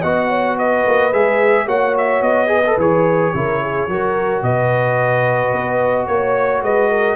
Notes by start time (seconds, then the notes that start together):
0.00 B3 F#4 D#5 F#5
0.29 C#5
0.57 B4 D#5
0.86 A#3
1.12 G#3 G#4 E5
1.66 A#3 F#4 C#5 F#5
1.97 E5
2.21 B3 D#5
2.47 G#4 B4
2.66 A4
2.77 E3 G#4 C#5
3.34 C#3 E4 A#4
3.61 G#4
3.87 F#3 F#4 A#4
4.42 B2 B4 D#5
5.52 B3
6.07 A#3 C#5
6.62 G#3 B4 D#5
6.90 A#4